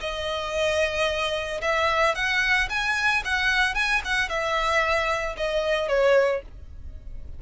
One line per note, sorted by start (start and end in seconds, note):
0.00 1.61 D#5
1.61 2.15 E5
2.15 2.69 F#5
2.69 3.23 G#5
3.25 3.75 F#5
3.75 4.01 G#5
4.04 4.29 F#5
4.29 5.36 E5
5.37 5.88 D#5
5.88 6.42 C#5